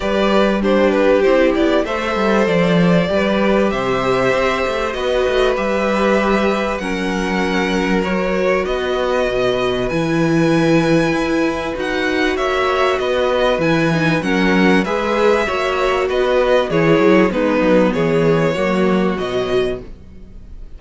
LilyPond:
<<
  \new Staff \with { instrumentName = "violin" } { \time 4/4 \tempo 4 = 97 d''4 c''8 b'8 c''8 d''8 e''4 | d''2 e''2 | dis''4 e''2 fis''4~ | fis''4 cis''4 dis''2 |
gis''2. fis''4 | e''4 dis''4 gis''4 fis''4 | e''2 dis''4 cis''4 | b'4 cis''2 dis''4 | }
  \new Staff \with { instrumentName = "violin" } { \time 4/4 b'4 g'2 c''4~ | c''4 b'4 c''2 | b'2. ais'4~ | ais'2 b'2~ |
b'1 | cis''4 b'2 ais'4 | b'4 cis''4 b'4 gis'4 | dis'4 gis'4 fis'2 | }
  \new Staff \with { instrumentName = "viola" } { \time 4/4 g'4 d'4 e'4 a'4~ | a'4 g'2. | fis'4 g'2 cis'4~ | cis'4 fis'2. |
e'2. fis'4~ | fis'2 e'8 dis'8 cis'4 | gis'4 fis'2 e'4 | b2 ais4 fis4 | }
  \new Staff \with { instrumentName = "cello" } { \time 4/4 g2 c'8 b8 a8 g8 | f4 g4 c4 c'8 a8 | b8 a8 g2 fis4~ | fis2 b4 b,4 |
e2 e'4 dis'4 | ais4 b4 e4 fis4 | gis4 ais4 b4 e8 fis8 | gis8 fis8 e4 fis4 b,4 | }
>>